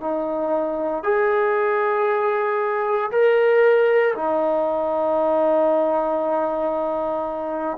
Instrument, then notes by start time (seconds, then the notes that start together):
trombone
0.00 D#4
1.03 G#4
3.11 A#4
4.15 D#4